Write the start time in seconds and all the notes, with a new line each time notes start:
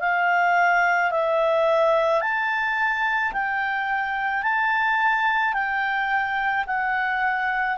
0.00 F5
1.11 E5
2.22 A5
3.33 G5
4.43 A5
5.54 G5
6.67 F#5